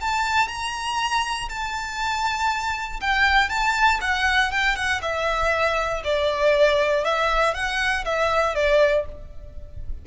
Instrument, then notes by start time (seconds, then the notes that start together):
violin
0.00 A5
0.47 A#5
1.49 A5
3.00 G5
3.49 A5
4.00 F#5
4.51 G5
4.76 F#5
5.01 E5
6.04 D5
7.04 E5
7.54 F#5
8.05 E5
8.55 D5